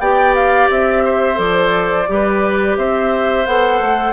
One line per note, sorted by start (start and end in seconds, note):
0.00 0.69 B3
0.00 1.35 G4
0.00 1.04 D5
0.00 0.35 G5
0.35 0.69 F5
0.70 1.39 C4
0.70 1.39 E5
1.05 2.08 C5
1.35 2.08 F3
1.35 2.04 A4
1.35 2.77 D5
2.08 2.77 G3
2.08 3.46 G4
2.08 2.78 B4
2.77 3.46 C4
2.77 4.13 C5
2.77 3.46 E5
3.46 3.80 B3
3.46 4.13 A4
3.46 4.13 F#5
3.80 4.13 A3